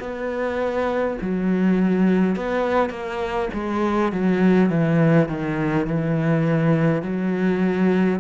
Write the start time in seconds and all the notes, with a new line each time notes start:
0.00 B3
1.22 F#3
2.36 B3
2.90 A#3
3.53 G#3
4.12 F#3
4.70 E3
5.29 D#3
5.87 E3
7.03 F#3